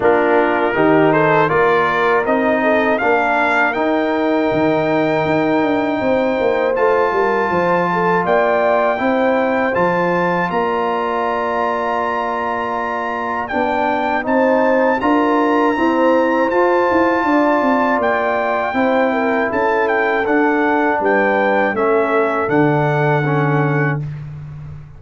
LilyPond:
<<
  \new Staff \with { instrumentName = "trumpet" } { \time 4/4 \tempo 4 = 80 ais'4. c''8 d''4 dis''4 | f''4 g''2.~ | g''4 a''2 g''4~ | g''4 a''4 ais''2~ |
ais''2 g''4 a''4 | ais''2 a''2 | g''2 a''8 g''8 fis''4 | g''4 e''4 fis''2 | }
  \new Staff \with { instrumentName = "horn" } { \time 4/4 f'4 g'8 a'8 ais'4. a'8 | ais'1 | c''4. ais'8 c''8 a'8 d''4 | c''2 d''2~ |
d''2. c''4 | ais'4 c''2 d''4~ | d''4 c''8 ais'8 a'2 | b'4 a'2. | }
  \new Staff \with { instrumentName = "trombone" } { \time 4/4 d'4 dis'4 f'4 dis'4 | d'4 dis'2.~ | dis'4 f'2. | e'4 f'2.~ |
f'2 d'4 dis'4 | f'4 c'4 f'2~ | f'4 e'2 d'4~ | d'4 cis'4 d'4 cis'4 | }
  \new Staff \with { instrumentName = "tuba" } { \time 4/4 ais4 dis4 ais4 c'4 | ais4 dis'4 dis4 dis'8 d'8 | c'8 ais8 a8 g8 f4 ais4 | c'4 f4 ais2~ |
ais2 b4 c'4 | d'4 e'4 f'8 e'8 d'8 c'8 | ais4 c'4 cis'4 d'4 | g4 a4 d2 | }
>>